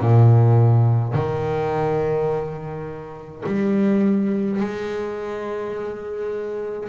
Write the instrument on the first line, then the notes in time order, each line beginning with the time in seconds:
double bass
0.00 A#2
1.13 D#3
3.46 G3
4.60 G#3